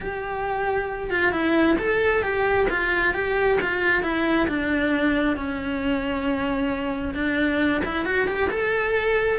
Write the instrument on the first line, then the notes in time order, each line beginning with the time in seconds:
cello
0.00 G4
1.10 F4
1.31 E4
1.78 A4
2.22 G4
2.69 F4
3.13 G4
3.61 F4
4.02 E4
4.48 D4
5.36 C#4
7.14 D4
7.85 E4
8.05 F#4
8.27 G4
8.50 A4